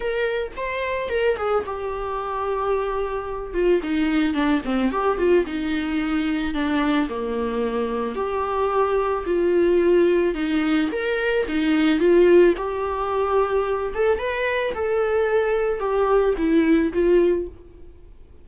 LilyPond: \new Staff \with { instrumentName = "viola" } { \time 4/4 \tempo 4 = 110 ais'4 c''4 ais'8 gis'8 g'4~ | g'2~ g'8 f'8 dis'4 | d'8 c'8 g'8 f'8 dis'2 | d'4 ais2 g'4~ |
g'4 f'2 dis'4 | ais'4 dis'4 f'4 g'4~ | g'4. a'8 b'4 a'4~ | a'4 g'4 e'4 f'4 | }